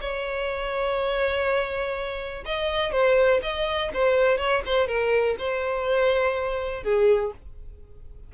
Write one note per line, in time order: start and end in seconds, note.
0.00 2.44 C#5
2.45 2.92 D#5
2.92 3.40 C5
3.42 3.90 D#5
3.93 4.37 C5
4.37 4.62 C#5
4.65 4.87 C5
4.87 5.36 A#4
5.38 6.83 C5
6.83 7.32 G#4